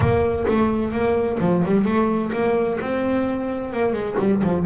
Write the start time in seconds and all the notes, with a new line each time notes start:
0.00 A#3
0.48 A3
0.92 A#3
1.40 F3
1.65 G3
1.84 A3
2.32 A#3
2.80 C4
3.73 A#3
3.92 G#3
4.19 G3
4.43 F3